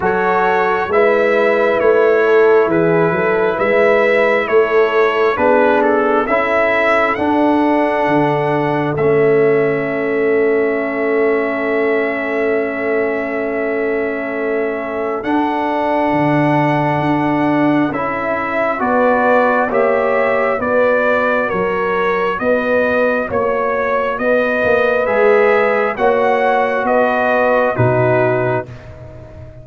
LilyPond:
<<
  \new Staff \with { instrumentName = "trumpet" } { \time 4/4 \tempo 4 = 67 cis''4 e''4 cis''4 b'4 | e''4 cis''4 b'8 a'8 e''4 | fis''2 e''2~ | e''1~ |
e''4 fis''2. | e''4 d''4 e''4 d''4 | cis''4 dis''4 cis''4 dis''4 | e''4 fis''4 dis''4 b'4 | }
  \new Staff \with { instrumentName = "horn" } { \time 4/4 a'4 b'4. a'8 gis'8 a'8 | b'4 a'4 gis'4 a'4~ | a'1~ | a'1~ |
a'1~ | a'4 b'4 cis''4 b'4 | ais'4 b'4 cis''4 b'4~ | b'4 cis''4 b'4 fis'4 | }
  \new Staff \with { instrumentName = "trombone" } { \time 4/4 fis'4 e'2.~ | e'2 d'4 e'4 | d'2 cis'2~ | cis'1~ |
cis'4 d'2. | e'4 fis'4 g'4 fis'4~ | fis'1 | gis'4 fis'2 dis'4 | }
  \new Staff \with { instrumentName = "tuba" } { \time 4/4 fis4 gis4 a4 e8 fis8 | gis4 a4 b4 cis'4 | d'4 d4 a2~ | a1~ |
a4 d'4 d4 d'4 | cis'4 b4 ais4 b4 | fis4 b4 ais4 b8 ais8 | gis4 ais4 b4 b,4 | }
>>